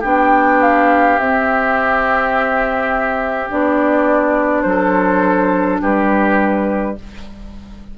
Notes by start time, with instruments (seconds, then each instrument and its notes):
0.00 bassoon B3, clarinet D4, oboe G4, flute G5
0.62 flute F5
1.19 bassoon C4, clarinet C4, flute E5
3.50 bassoon B3, clarinet D4, flute D5
4.63 bassoon F#3, oboe A4, flute C5
5.82 bassoon G3, oboe G4, flute B4